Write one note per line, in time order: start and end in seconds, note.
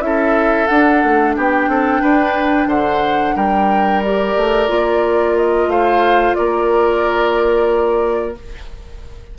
0.00 0.67 C#4
0.00 0.67 E4
0.00 1.36 A4
0.00 0.67 E5
0.67 4.02 D4
0.67 1.03 D4
0.67 1.33 F#5
1.03 1.36 A3
1.36 1.67 B3
1.36 1.69 G4
1.36 2.69 G5
1.67 2.01 C4
1.67 2.01 A4
2.01 2.66 D4
2.01 2.67 B4
2.66 3.33 D3
2.66 3.34 C5
2.66 3.36 F#5
3.35 4.35 G3
3.35 5.69 A#4
3.35 4.02 G5
4.02 4.67 G4
4.02 5.36 D5
4.36 4.68 A3
4.67 5.67 A#3
4.67 8.34 F4
5.37 5.70 D#5
5.67 6.33 A3
5.67 6.37 C5
5.67 6.34 F5
6.34 8.38 A#3
6.34 8.37 A#4
6.34 8.34 D5